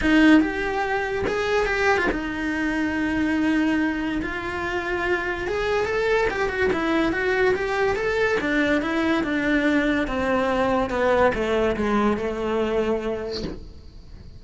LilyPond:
\new Staff \with { instrumentName = "cello" } { \time 4/4 \tempo 4 = 143 dis'4 g'2 gis'4 | g'8. f'16 dis'2.~ | dis'2 f'2~ | f'4 gis'4 a'4 g'8 fis'8 |
e'4 fis'4 g'4 a'4 | d'4 e'4 d'2 | c'2 b4 a4 | gis4 a2. | }